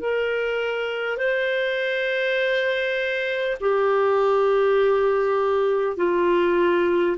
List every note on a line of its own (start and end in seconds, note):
0.00 1.18 A#4
1.18 3.58 C5
3.61 5.97 G4
5.97 7.17 F4